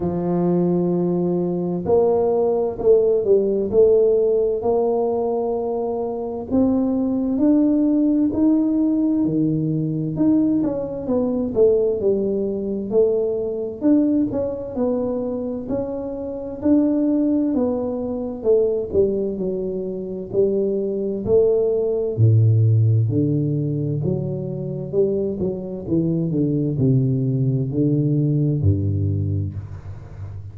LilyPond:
\new Staff \with { instrumentName = "tuba" } { \time 4/4 \tempo 4 = 65 f2 ais4 a8 g8 | a4 ais2 c'4 | d'4 dis'4 dis4 dis'8 cis'8 | b8 a8 g4 a4 d'8 cis'8 |
b4 cis'4 d'4 b4 | a8 g8 fis4 g4 a4 | a,4 d4 fis4 g8 fis8 | e8 d8 c4 d4 g,4 | }